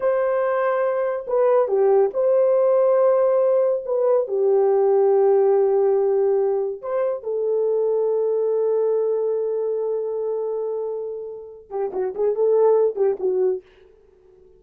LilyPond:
\new Staff \with { instrumentName = "horn" } { \time 4/4 \tempo 4 = 141 c''2. b'4 | g'4 c''2.~ | c''4 b'4 g'2~ | g'1 |
c''4 a'2.~ | a'1~ | a'2.~ a'8 g'8 | fis'8 gis'8 a'4. g'8 fis'4 | }